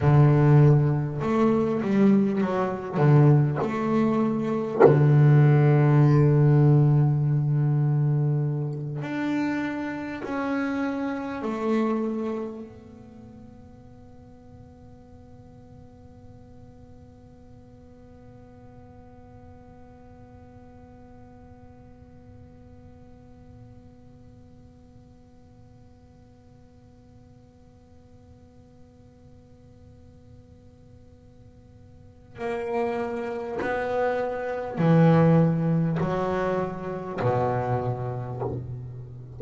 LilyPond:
\new Staff \with { instrumentName = "double bass" } { \time 4/4 \tempo 4 = 50 d4 a8 g8 fis8 d8 a4 | d2.~ d8 d'8~ | d'8 cis'4 a4 b4.~ | b1~ |
b1~ | b1~ | b2. ais4 | b4 e4 fis4 b,4 | }